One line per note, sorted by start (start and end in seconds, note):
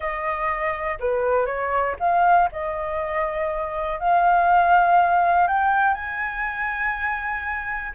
0.00 0.98 D#5
0.99 1.46 B4
1.46 1.95 C#5
1.99 2.49 F5
2.52 3.99 D#5
3.99 5.47 F5
5.47 5.94 G5
5.94 7.92 G#5